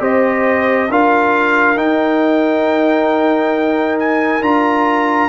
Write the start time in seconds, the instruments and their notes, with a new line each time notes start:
0.00 tuba C4, trombone G4, horn C5, trumpet D#5
0.89 tuba D4, trombone F4, horn A#4, trumpet F5
1.76 trombone D#4, tuba D#4, trumpet G5
3.99 trumpet G#5
4.41 tuba D4, trombone F4, trumpet A#5